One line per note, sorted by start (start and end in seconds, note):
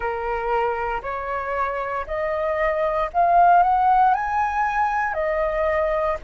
0.00 1.01 A#4
1.02 2.05 C#5
2.06 3.10 D#5
3.13 3.63 F5
3.63 4.14 F#5
4.14 5.13 G#5
5.13 6.17 D#5